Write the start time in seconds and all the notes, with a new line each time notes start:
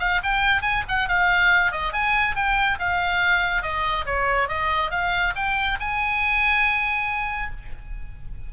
0.00 F5
0.23 G5
0.62 G#5
0.88 F#5
1.09 F5
1.72 D#5
1.93 G#5
2.36 G5
2.80 F5
3.62 D#5
4.06 C#5
4.48 D#5
4.91 F5
5.36 G5
5.80 G#5